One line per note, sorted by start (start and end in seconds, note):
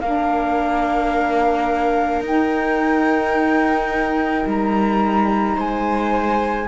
0.00 2.21 A#3
0.00 2.25 D4
0.00 5.54 A#4
0.00 2.22 F5
2.21 4.43 D#4
2.21 6.67 D#4
2.27 4.49 G5
4.46 5.57 G3
4.46 5.60 A#5
5.54 6.67 G#3
5.54 6.66 C5
5.54 6.67 G#5